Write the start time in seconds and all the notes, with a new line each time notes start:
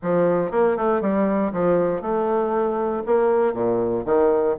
0.02 F3
0.51 A#3
0.77 A3
1.01 G3
1.52 F3
2.01 A3
3.06 A#3
3.53 A#2
4.05 D#3